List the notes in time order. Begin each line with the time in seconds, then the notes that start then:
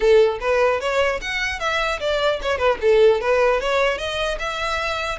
0.00 A4
0.40 B4
0.80 C#5
1.21 F#5
1.59 E5
1.99 D5
2.42 C#5
2.58 B4
2.81 A4
3.20 B4
3.60 C#5
3.97 D#5
4.39 E5